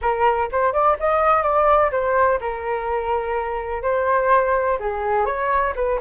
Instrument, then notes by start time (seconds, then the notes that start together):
flute
0.01 A#4
0.51 C5
0.72 D5
0.99 D#5
1.42 D5
1.91 C5
2.40 A#4
3.82 C5
4.79 G#4
5.25 C#5
5.75 B4